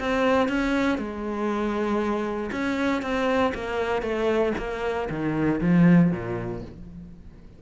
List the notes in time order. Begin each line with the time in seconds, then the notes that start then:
0.00 C4
0.49 C#4
0.98 G#3
2.52 C#4
3.02 C4
3.55 A#3
4.02 A3
4.58 A#3
5.10 D#3
5.61 F3
6.12 A#2